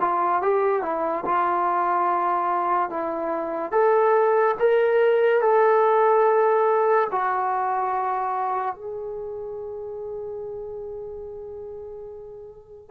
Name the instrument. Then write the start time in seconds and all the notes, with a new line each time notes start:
trombone
0.00 F4
0.41 G4
0.82 E4
1.25 F4
2.89 E4
3.72 A4
4.59 A#4
5.41 A4
7.11 F#4
8.75 G#4